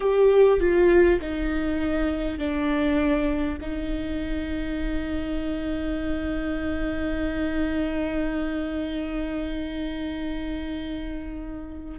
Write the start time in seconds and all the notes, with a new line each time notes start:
0.00 G4
0.59 F4
1.21 D#4
2.38 D4
3.61 D#4